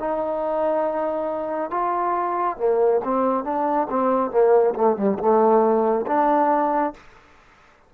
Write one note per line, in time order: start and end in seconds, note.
0.00 1.71 D#4
1.71 2.58 F4
2.58 3.01 A#3
3.04 3.44 C4
3.44 3.88 D4
3.90 4.31 C4
4.31 4.74 A#3
4.75 4.96 A3
4.96 5.18 G3
5.19 6.06 A3
6.07 6.94 D4